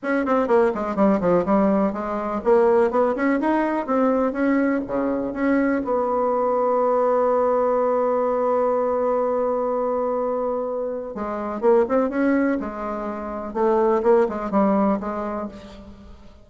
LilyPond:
\new Staff \with { instrumentName = "bassoon" } { \time 4/4 \tempo 4 = 124 cis'8 c'8 ais8 gis8 g8 f8 g4 | gis4 ais4 b8 cis'8 dis'4 | c'4 cis'4 cis4 cis'4 | b1~ |
b1~ | b2. gis4 | ais8 c'8 cis'4 gis2 | a4 ais8 gis8 g4 gis4 | }